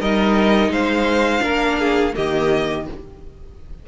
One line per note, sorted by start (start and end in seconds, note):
0.00 0.69 G3
0.00 1.40 D#4
0.00 0.71 A#4
0.00 0.72 D#5
0.69 1.40 G#3
0.69 1.43 C5
0.69 2.15 F5
1.40 2.14 A#3
1.40 2.12 D4
1.40 1.78 A#4
1.79 2.15 G#4
2.14 2.88 D#3
2.14 2.85 A#3
2.14 2.87 G4
2.14 2.87 D#5